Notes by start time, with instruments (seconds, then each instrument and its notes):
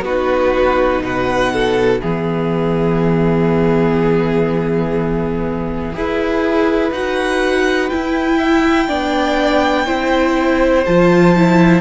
0.00 cello B3, viola D#4, violin F#4 B4
1.02 cello B2, violin B4 F#5
1.52 violin A4
2.01 cello E3, viola B3, violin G#4 E5
5.93 cello E4, viola G#4, violin B4
6.91 cello D#4, viola F#4, violin F#5
7.89 viola E4, cello E4, violin G5
8.37 violin E5
8.88 cello B3, viola D4, violin D5
9.85 cello C4, viola E4, violin C5
10.85 cello F3, viola F4, violin A5
11.36 viola E4